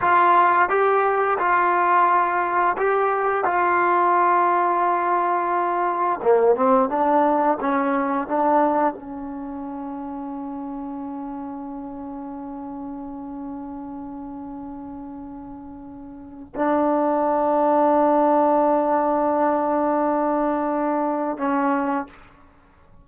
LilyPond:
\new Staff \with { instrumentName = "trombone" } { \time 4/4 \tempo 4 = 87 f'4 g'4 f'2 | g'4 f'2.~ | f'4 ais8 c'8 d'4 cis'4 | d'4 cis'2.~ |
cis'1~ | cis'1 | d'1~ | d'2. cis'4 | }